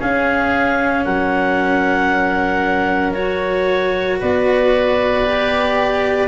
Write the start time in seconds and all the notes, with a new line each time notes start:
0.00 C#4 G#4 F5
1.04 F#3 A#4 F#5
3.12 F#4 C#5
4.19 B3 B4 D5
5.25 G4